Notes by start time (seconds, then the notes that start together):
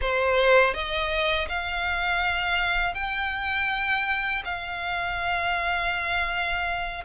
0.01 C5
0.74 D#5
1.48 F5
2.94 G5
4.44 F5